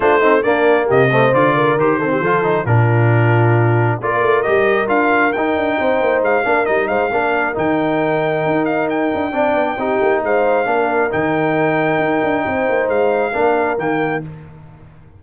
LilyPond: <<
  \new Staff \with { instrumentName = "trumpet" } { \time 4/4 \tempo 4 = 135 c''4 d''4 dis''4 d''4 | c''2 ais'2~ | ais'4 d''4 dis''4 f''4 | g''2 f''4 dis''8 f''8~ |
f''4 g''2~ g''8 f''8 | g''2. f''4~ | f''4 g''2.~ | g''4 f''2 g''4 | }
  \new Staff \with { instrumentName = "horn" } { \time 4/4 f'8 dis'8 d'4 g'8 c''4 ais'8~ | ais'8 a'16 g'16 a'4 f'2~ | f'4 ais'2.~ | ais'4 c''4. ais'4 c''8 |
ais'1~ | ais'4 d''4 g'4 c''4 | ais'1 | c''2 ais'2 | }
  \new Staff \with { instrumentName = "trombone" } { \time 4/4 d'8 c'8 ais4. a8 f'4 | g'8 c'8 f'8 dis'8 d'2~ | d'4 f'4 g'4 f'4 | dis'2~ dis'8 d'8 dis'4 |
d'4 dis'2.~ | dis'4 d'4 dis'2 | d'4 dis'2.~ | dis'2 d'4 ais4 | }
  \new Staff \with { instrumentName = "tuba" } { \time 4/4 a4 ais4 c4 d4 | dis4 f4 ais,2~ | ais,4 ais8 a8 g4 d'4 | dis'8 d'8 c'8 ais8 gis8 ais8 g8 gis8 |
ais4 dis2 dis'4~ | dis'8 d'8 c'8 b8 c'8 ais8 gis4 | ais4 dis2 dis'8 d'8 | c'8 ais8 gis4 ais4 dis4 | }
>>